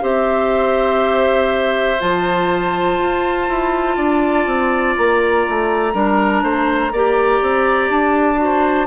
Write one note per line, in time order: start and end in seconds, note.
0.00 1.98 C4
0.00 1.97 G4
0.00 3.95 C5
0.00 2.00 E5
1.99 2.98 F3
1.99 5.92 F4
1.99 4.95 A5
2.98 3.47 F4
3.48 3.97 E4
3.96 4.46 D4
3.96 5.93 D5
4.46 4.95 C4
4.96 5.47 A#3
4.96 7.90 A#5
5.48 5.93 A3
5.92 6.42 G3
5.92 6.91 D4
5.92 6.42 A#4
6.42 6.91 A3
6.42 6.92 C5
6.91 7.41 A#3
6.91 8.36 G4
6.91 8.40 D5
7.41 7.89 C4
7.89 8.86 D4
7.89 8.86 A5
8.36 8.85 F#4
8.43 8.86 C5